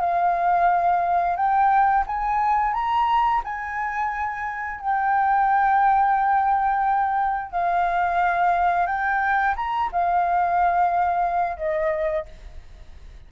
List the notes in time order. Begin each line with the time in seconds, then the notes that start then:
0.00 F5
1.36 G5
2.06 G#5
2.73 A#5
3.44 G#5
4.81 G5
7.51 F5
8.86 G5
9.56 A#5
9.92 F5
11.57 D#5